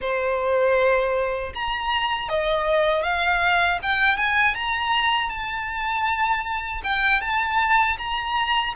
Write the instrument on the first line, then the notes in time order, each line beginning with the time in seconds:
violin
0.01 C5
1.54 A#5
2.28 D#5
3.03 F5
3.82 G5
4.17 G#5
4.54 A#5
5.29 A5
6.83 G5
7.21 A5
7.97 A#5